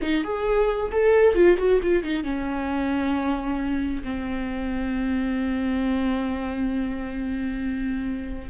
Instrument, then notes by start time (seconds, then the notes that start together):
viola
0.01 D#4
0.24 G#4
0.91 A4
1.34 F4
1.57 F#4
1.82 F4
2.03 D#4
2.23 C#4
4.03 C4